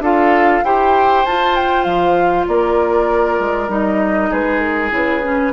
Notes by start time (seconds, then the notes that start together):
0.00 D4 F4 A4 F5
0.64 E4 G4 C5 G5
1.26 F4 A5
1.56 G5
1.84 F3 F5
2.48 A#3 A#4 D5
3.39 G#3
3.69 G3 D#4 D#5
4.30 G#3 G#4 B4
4.60 A#4
4.90 C#3 E4 B4
5.24 C#4